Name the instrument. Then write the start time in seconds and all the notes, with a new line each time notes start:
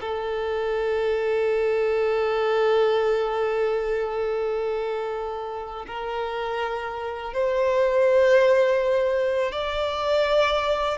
violin
0.00 A4
5.87 A#4
7.33 C5
9.52 D5